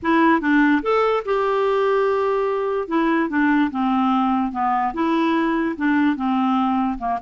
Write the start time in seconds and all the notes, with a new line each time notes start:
0.02 E4
0.41 D4
0.82 A4
1.25 G4
2.88 E4
3.29 D4
3.70 C4
4.52 B3
4.93 E4
5.76 D4
6.16 C4
6.98 A#3